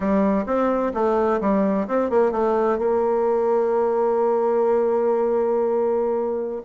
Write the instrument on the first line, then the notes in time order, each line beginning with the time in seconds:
bassoon
0.00 G3
0.46 C4
0.93 A3
1.40 G3
1.87 C4
2.10 A#3
2.31 A3
2.78 A#3